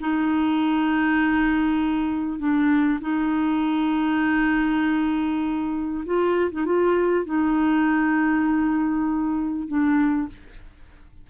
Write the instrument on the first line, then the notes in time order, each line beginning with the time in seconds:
clarinet
0.00 D#4
2.39 D4
3.01 D#4
6.05 F4
6.51 D#4
6.65 F4
7.25 D#4
9.67 D4